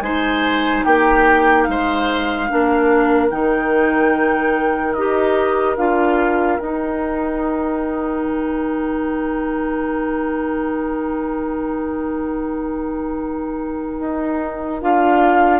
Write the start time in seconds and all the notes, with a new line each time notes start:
0.00 G#3 D#4 C5 G#5
0.84 A#3 G4 G5
1.63 G#3 F5
1.71 C5
2.48 A#3 D4 A#4
3.29 D#3 D#4 G5
4.93 D#4 G4 D#5
5.76 D4 F4 F5
6.58 D#4 G5
8.24 D#3
13.99 D#4
14.81 D4 F4 F5